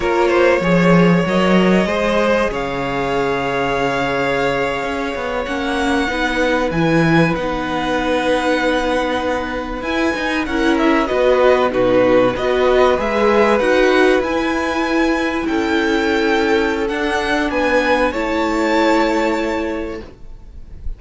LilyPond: <<
  \new Staff \with { instrumentName = "violin" } { \time 4/4 \tempo 4 = 96 cis''2 dis''2 | f''1~ | f''8. fis''2 gis''4 fis''16~ | fis''2.~ fis''8. gis''16~ |
gis''8. fis''8 e''8 dis''4 b'4 dis''16~ | dis''8. e''4 fis''4 gis''4~ gis''16~ | gis''8. g''2~ g''16 fis''4 | gis''4 a''2. | }
  \new Staff \with { instrumentName = "violin" } { \time 4/4 ais'8 c''8 cis''2 c''4 | cis''1~ | cis''4.~ cis''16 b'2~ b'16~ | b'1~ |
b'8. ais'4 b'4 fis'4 b'16~ | b'1~ | b'8. a'2.~ a'16 | b'4 cis''2. | }
  \new Staff \with { instrumentName = "viola" } { \time 4/4 f'4 gis'4 ais'4 gis'4~ | gis'1~ | gis'8. cis'4 dis'4 e'4 dis'16~ | dis'2.~ dis'8. e'16~ |
e'16 dis'8 e'4 fis'4 dis'4 fis'16~ | fis'8. gis'4 fis'4 e'4~ e'16~ | e'2. d'4~ | d'4 e'2. | }
  \new Staff \with { instrumentName = "cello" } { \time 4/4 ais4 f4 fis4 gis4 | cis2.~ cis8. cis'16~ | cis'16 b8 ais4 b4 e4 b16~ | b2.~ b8. e'16~ |
e'16 dis'8 cis'4 b4 b,4 b16~ | b8. gis4 dis'4 e'4~ e'16~ | e'8. cis'2~ cis'16 d'4 | b4 a2. | }
>>